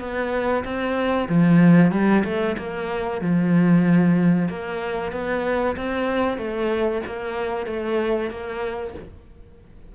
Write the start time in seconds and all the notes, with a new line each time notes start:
0.00 B3
0.64 C4
1.29 F3
1.91 G3
2.25 A3
2.58 A#3
3.21 F3
4.49 A#3
5.12 B3
5.76 C4
6.38 A3
7.07 A#3
7.67 A3
8.31 A#3